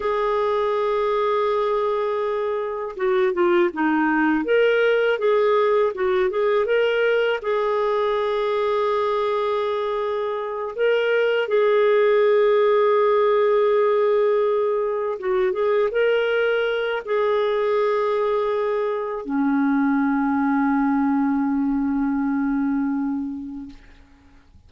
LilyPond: \new Staff \with { instrumentName = "clarinet" } { \time 4/4 \tempo 4 = 81 gis'1 | fis'8 f'8 dis'4 ais'4 gis'4 | fis'8 gis'8 ais'4 gis'2~ | gis'2~ gis'8 ais'4 gis'8~ |
gis'1~ | gis'8 fis'8 gis'8 ais'4. gis'4~ | gis'2 cis'2~ | cis'1 | }